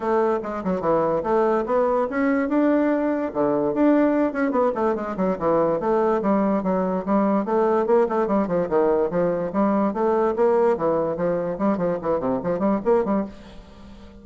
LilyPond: \new Staff \with { instrumentName = "bassoon" } { \time 4/4 \tempo 4 = 145 a4 gis8 fis8 e4 a4 | b4 cis'4 d'2 | d4 d'4. cis'8 b8 a8 | gis8 fis8 e4 a4 g4 |
fis4 g4 a4 ais8 a8 | g8 f8 dis4 f4 g4 | a4 ais4 e4 f4 | g8 f8 e8 c8 f8 g8 ais8 g8 | }